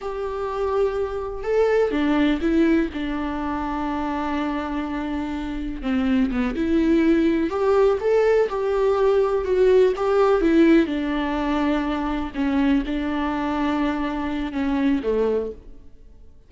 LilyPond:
\new Staff \with { instrumentName = "viola" } { \time 4/4 \tempo 4 = 124 g'2. a'4 | d'4 e'4 d'2~ | d'1 | c'4 b8 e'2 g'8~ |
g'8 a'4 g'2 fis'8~ | fis'8 g'4 e'4 d'4.~ | d'4. cis'4 d'4.~ | d'2 cis'4 a4 | }